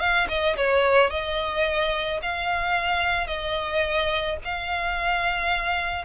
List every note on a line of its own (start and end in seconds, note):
0.00 0.28 F5
0.29 0.56 D#5
0.57 1.10 C#5
1.10 2.20 D#5
2.22 3.27 F5
3.27 4.37 D#5
4.45 6.05 F5